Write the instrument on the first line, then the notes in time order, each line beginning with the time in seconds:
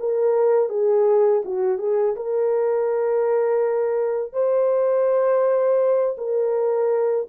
horn
0.00 A#4
0.70 G#4
1.45 F#4
1.79 G#4
2.17 A#4
4.33 C5
6.18 A#4